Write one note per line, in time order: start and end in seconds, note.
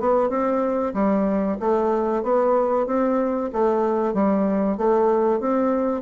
0.00 0.30 B3
0.30 0.93 C4
0.94 1.58 G3
1.60 2.23 A3
2.23 2.87 B3
2.87 3.50 C4
3.53 4.14 A3
4.14 4.78 G3
4.78 5.40 A3
5.40 6.02 C4